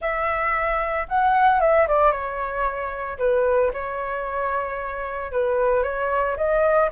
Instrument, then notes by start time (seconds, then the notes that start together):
flute
0.01 E5
1.08 F#5
1.60 E5
1.87 D5
2.11 C#5
3.18 B4
3.73 C#5
5.32 B4
5.83 C#5
6.36 D#5